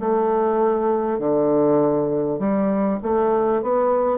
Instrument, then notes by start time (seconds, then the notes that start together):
bassoon
0.00 A3
1.19 D3
2.39 G3
3.02 A3
3.62 B3